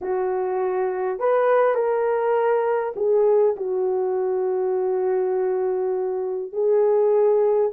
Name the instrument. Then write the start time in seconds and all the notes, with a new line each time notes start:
horn
0.01 F#4
1.19 B4
1.74 A#4
2.96 G#4
3.56 F#4
6.52 G#4